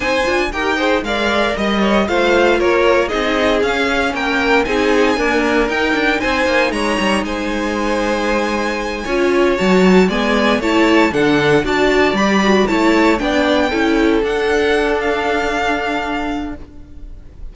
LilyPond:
<<
  \new Staff \with { instrumentName = "violin" } { \time 4/4 \tempo 4 = 116 gis''4 g''4 f''4 dis''4 | f''4 cis''4 dis''4 f''4 | g''4 gis''2 g''4 | gis''4 ais''4 gis''2~ |
gis''2~ gis''8 a''4 gis''8~ | gis''8 a''4 fis''4 a''4 b''8~ | b''8 a''4 g''2 fis''8~ | fis''4 f''2. | }
  \new Staff \with { instrumentName = "violin" } { \time 4/4 c''4 ais'8 c''8 d''4 dis''8 cis''8 | c''4 ais'4 gis'2 | ais'4 gis'4 ais'2 | c''4 cis''4 c''2~ |
c''4. cis''2 d''8~ | d''8 cis''4 a'4 d''4.~ | d''8 cis''4 d''4 a'4.~ | a'1 | }
  \new Staff \with { instrumentName = "viola" } { \time 4/4 dis'8 f'8 g'8 gis'8 ais'2 | f'2 dis'4 cis'4~ | cis'4 dis'4 ais4 dis'4~ | dis'1~ |
dis'4. f'4 fis'4 b8~ | b8 e'4 d'4 fis'4 g'8 | fis'8 e'4 d'4 e'4 d'8~ | d'1 | }
  \new Staff \with { instrumentName = "cello" } { \time 4/4 c'8 d'8 dis'4 gis4 g4 | a4 ais4 c'4 cis'4 | ais4 c'4 d'4 dis'8 d'8 | c'8 ais8 gis8 g8 gis2~ |
gis4. cis'4 fis4 gis8~ | gis8 a4 d4 d'4 g8~ | g8 a4 b4 cis'4 d'8~ | d'1 | }
>>